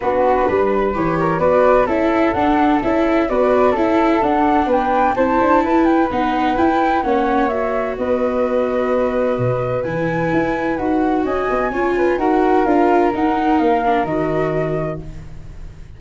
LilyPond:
<<
  \new Staff \with { instrumentName = "flute" } { \time 4/4 \tempo 4 = 128 b'2 cis''4 d''4 | e''4 fis''4 e''4 d''4 | e''4 fis''4 g''4 a''4~ | a''8 g''8 fis''4 g''4 fis''4 |
e''4 dis''2.~ | dis''4 gis''2 fis''4 | gis''2 fis''4 f''4 | fis''4 f''4 dis''2 | }
  \new Staff \with { instrumentName = "flute" } { \time 4/4 fis'4 b'4. ais'8 b'4 | a'2. b'4 | a'2 b'4 c''4 | b'2. cis''4~ |
cis''4 b'2.~ | b'1 | dis''4 cis''8 b'8 ais'2~ | ais'1 | }
  \new Staff \with { instrumentName = "viola" } { \time 4/4 d'2 g'4 fis'4 | e'4 d'4 e'4 fis'4 | e'4 d'2 e'4~ | e'4 dis'4 e'4 cis'4 |
fis'1~ | fis'4 e'2 fis'4~ | fis'4 f'4 fis'4 f'4 | dis'4. d'8 fis'2 | }
  \new Staff \with { instrumentName = "tuba" } { \time 4/4 b4 g4 e4 b4 | cis'4 d'4 cis'4 b4 | cis'4 d'4 b4 c'8 d'8 | e'4 b4 e'4 ais4~ |
ais4 b2. | b,4 e4 e'4 dis'4 | cis'8 b8 cis'4 dis'4 d'4 | dis'4 ais4 dis2 | }
>>